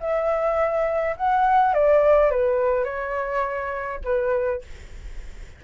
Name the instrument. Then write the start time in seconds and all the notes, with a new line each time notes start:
flute
0.00 E5
1.16 F#5
1.74 D5
2.30 B4
2.84 C#5
4.04 B4